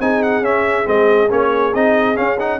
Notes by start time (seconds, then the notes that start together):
0.00 C4 D#4 G#4 G#5
0.22 F#5
0.41 C#4 E5
0.85 G#3 C4 D#5
1.29 A#3 C#4 C#5
1.74 C4 D#4 D#5
2.15 C#4 F5
2.39 D#4 F#5